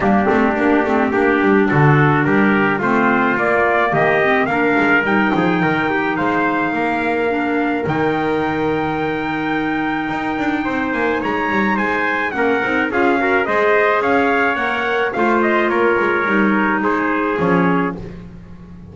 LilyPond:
<<
  \new Staff \with { instrumentName = "trumpet" } { \time 4/4 \tempo 4 = 107 g'2. a'4 | ais'4 c''4 d''4 dis''4 | f''4 g''2 f''4~ | f''2 g''2~ |
g''2.~ g''8 gis''8 | ais''4 gis''4 fis''4 f''4 | dis''4 f''4 fis''4 f''8 dis''8 | cis''2 c''4 cis''4 | }
  \new Staff \with { instrumentName = "trumpet" } { \time 4/4 d'2 g'4 fis'4 | g'4 f'2 g'4 | ais'4. gis'8 ais'8 g'8 c''4 | ais'1~ |
ais'2. c''4 | cis''4 c''4 ais'4 gis'8 ais'8 | c''4 cis''2 c''4 | ais'2 gis'2 | }
  \new Staff \with { instrumentName = "clarinet" } { \time 4/4 ais8 c'8 d'8 c'8 d'2~ | d'4 c'4 ais4. c'8 | d'4 dis'2.~ | dis'4 d'4 dis'2~ |
dis'1~ | dis'2 cis'8 dis'8 f'8 fis'8 | gis'2 ais'4 f'4~ | f'4 dis'2 cis'4 | }
  \new Staff \with { instrumentName = "double bass" } { \time 4/4 g8 a8 ais8 a8 ais8 g8 d4 | g4 a4 ais4 dis4 | ais8 gis8 g8 f8 dis4 gis4 | ais2 dis2~ |
dis2 dis'8 d'8 c'8 ais8 | gis8 g8 gis4 ais8 c'8 cis'4 | gis4 cis'4 ais4 a4 | ais8 gis8 g4 gis4 f4 | }
>>